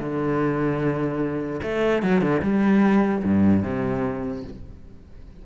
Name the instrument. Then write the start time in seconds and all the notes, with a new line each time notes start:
cello
0.00 D3
1.63 A3
2.03 F#3
2.22 D3
2.43 G3
3.24 G2
3.64 C3